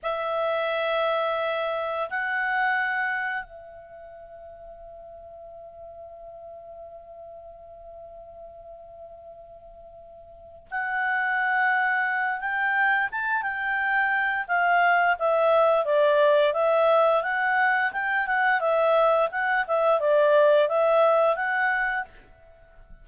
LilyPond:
\new Staff \with { instrumentName = "clarinet" } { \time 4/4 \tempo 4 = 87 e''2. fis''4~ | fis''4 e''2.~ | e''1~ | e''2.~ e''8 fis''8~ |
fis''2 g''4 a''8 g''8~ | g''4 f''4 e''4 d''4 | e''4 fis''4 g''8 fis''8 e''4 | fis''8 e''8 d''4 e''4 fis''4 | }